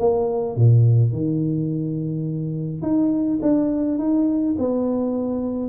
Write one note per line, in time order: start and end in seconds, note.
0.00 0.57 A#3
0.57 1.13 A#2
1.13 2.83 D#3
2.83 3.40 D#4
3.42 3.99 D4
3.99 4.56 D#4
4.59 5.70 B3